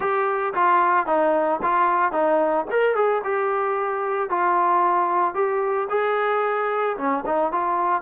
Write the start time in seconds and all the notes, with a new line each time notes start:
0.00 G4
0.54 F4
1.06 D#4
1.62 F4
2.12 D#4
2.71 A#4
2.95 G#4
3.23 G4
4.29 F4
5.34 G4
5.89 G#4
6.97 C#4
7.25 D#4
7.52 F4